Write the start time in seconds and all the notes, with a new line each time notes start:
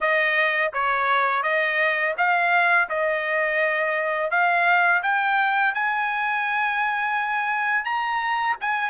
0.00 D#5
0.73 C#5
1.43 D#5
2.17 F5
2.89 D#5
4.30 F5
5.03 G5
5.74 G#5
7.84 A#5
8.61 G#5